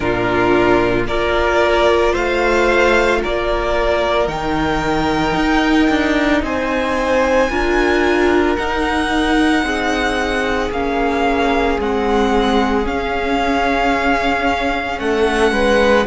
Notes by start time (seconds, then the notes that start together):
0.00 A#2 D4 F4 A#4
1.06 A#3 F4 A#4 D5
2.12 A3 C5 F5
3.21 A#3 A#4 D5
4.27 D#3 D#4 G5
5.35 D#4
5.89 D4
6.42 C4 C5 G#5
7.50 D4 F4 A#4
8.56 D#4 F#5
9.62 C4 G#4
10.70 A#3 C#4 F5
11.78 G#3 C4 F#5
12.83 C#4 F5
14.99 A3 A4 F#5
15.51 G#3 B4